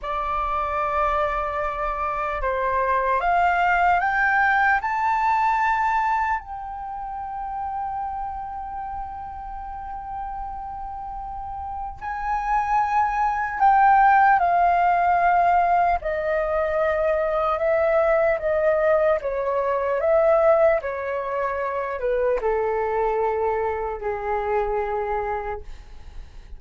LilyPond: \new Staff \with { instrumentName = "flute" } { \time 4/4 \tempo 4 = 75 d''2. c''4 | f''4 g''4 a''2 | g''1~ | g''2. gis''4~ |
gis''4 g''4 f''2 | dis''2 e''4 dis''4 | cis''4 e''4 cis''4. b'8 | a'2 gis'2 | }